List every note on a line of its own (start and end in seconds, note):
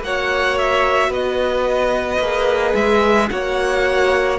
0.00 1.09 A#3
0.00 2.22 F#4
0.00 1.10 C#5
0.00 0.58 F#5
0.58 1.13 E5
1.09 2.18 B3
1.09 3.28 B4
1.09 2.75 D#5
2.19 2.74 A#3
2.19 3.29 G#4
2.75 3.30 G#3
2.75 3.30 E5
3.29 4.40 A#3
3.29 4.38 F#4
3.29 4.40 C#5
3.29 4.39 F#5